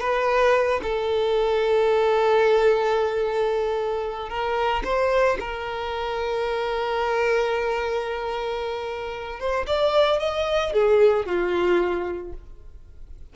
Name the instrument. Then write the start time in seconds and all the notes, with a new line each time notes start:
violin
0.00 B4
0.82 A4
4.29 A#4
4.84 C5
5.39 A#4
9.39 C5
9.66 D5
10.19 D#5
10.73 G#4
11.25 F4